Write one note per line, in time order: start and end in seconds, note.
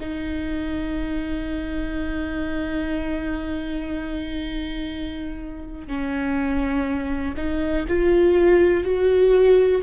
0.00 5.87 D#4
5.87 7.35 C#4
7.37 7.86 D#4
7.88 8.84 F4
8.84 9.82 F#4